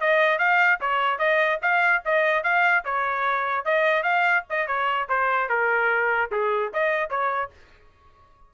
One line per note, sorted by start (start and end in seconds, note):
0.00 0.38 D#5
0.38 0.79 F5
0.80 1.18 C#5
1.18 1.59 D#5
1.61 2.02 F5
2.05 2.43 D#5
2.43 2.84 F5
2.84 3.65 C#5
3.65 4.03 D#5
4.03 4.44 F5
4.50 4.67 D#5
4.67 5.07 C#5
5.09 5.49 C5
5.49 6.30 A#4
6.31 6.72 G#4
6.73 7.09 D#5
7.09 7.50 C#5